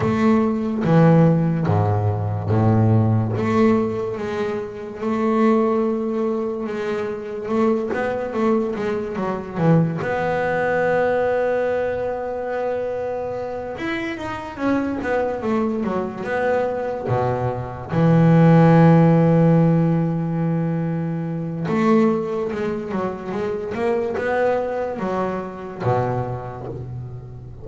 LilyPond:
\new Staff \with { instrumentName = "double bass" } { \time 4/4 \tempo 4 = 72 a4 e4 gis,4 a,4 | a4 gis4 a2 | gis4 a8 b8 a8 gis8 fis8 e8 | b1~ |
b8 e'8 dis'8 cis'8 b8 a8 fis8 b8~ | b8 b,4 e2~ e8~ | e2 a4 gis8 fis8 | gis8 ais8 b4 fis4 b,4 | }